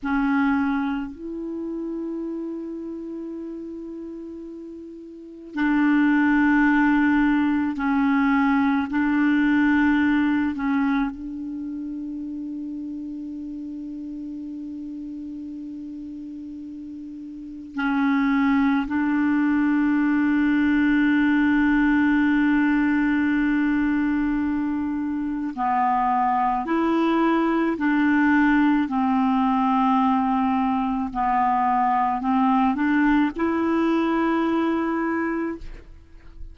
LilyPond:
\new Staff \with { instrumentName = "clarinet" } { \time 4/4 \tempo 4 = 54 cis'4 e'2.~ | e'4 d'2 cis'4 | d'4. cis'8 d'2~ | d'1 |
cis'4 d'2.~ | d'2. b4 | e'4 d'4 c'2 | b4 c'8 d'8 e'2 | }